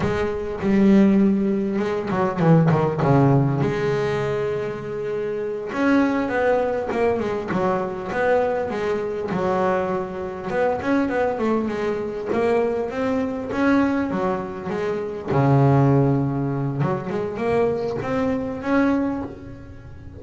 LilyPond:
\new Staff \with { instrumentName = "double bass" } { \time 4/4 \tempo 4 = 100 gis4 g2 gis8 fis8 | e8 dis8 cis4 gis2~ | gis4. cis'4 b4 ais8 | gis8 fis4 b4 gis4 fis8~ |
fis4. b8 cis'8 b8 a8 gis8~ | gis8 ais4 c'4 cis'4 fis8~ | fis8 gis4 cis2~ cis8 | fis8 gis8 ais4 c'4 cis'4 | }